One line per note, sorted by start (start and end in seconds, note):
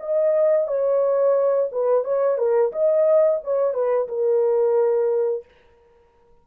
0.00 0.68 D#5
0.68 1.70 C#5
1.72 2.04 B4
2.04 2.38 C#5
2.38 2.72 A#4
2.73 3.41 D#5
3.44 3.74 C#5
3.74 4.08 B4
4.08 5.45 A#4